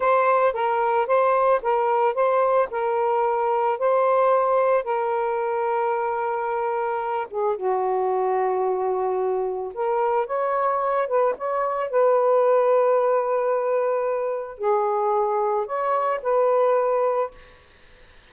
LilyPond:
\new Staff \with { instrumentName = "saxophone" } { \time 4/4 \tempo 4 = 111 c''4 ais'4 c''4 ais'4 | c''4 ais'2 c''4~ | c''4 ais'2.~ | ais'4. gis'8 fis'2~ |
fis'2 ais'4 cis''4~ | cis''8 b'8 cis''4 b'2~ | b'2. gis'4~ | gis'4 cis''4 b'2 | }